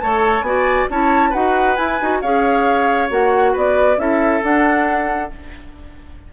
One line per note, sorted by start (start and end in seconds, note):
0.00 0.41 A3
0.00 0.45 A4
0.00 0.46 C#5
0.00 0.42 A5
0.41 0.85 B3
0.41 0.89 F#4
0.41 0.90 D5
0.41 0.86 G#5
0.90 1.34 C#4
0.90 1.33 E4
0.90 1.30 C#5
0.90 1.33 A5
1.30 1.78 D#4
1.30 1.76 F#4
1.30 2.18 B4
1.30 1.76 F#5
1.76 1.98 E4
1.76 2.00 E4
1.76 2.20 G#5
2.01 2.23 D#4
2.01 2.23 F#4
2.21 3.10 C#4
2.21 3.09 G#4
2.21 3.52 C#5
2.21 3.09 F5
3.09 3.54 A#3
3.09 3.97 F#4
3.09 3.56 F#5
3.52 3.97 B3
3.52 3.97 B4
3.52 3.99 D5
3.97 4.41 C#4
3.97 4.41 E4
3.97 5.33 A4
3.97 4.43 E5
4.41 5.29 D4
4.41 5.31 D4
4.41 5.31 F#5